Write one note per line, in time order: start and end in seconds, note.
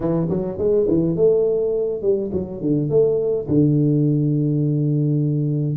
0.00 0.28 E3
0.29 0.58 F#3
0.58 0.87 G#3
0.88 1.16 E3
1.16 2.02 A3
2.02 2.31 G3
2.32 2.60 F#3
2.60 2.89 D3
2.89 3.47 A3
3.47 5.76 D3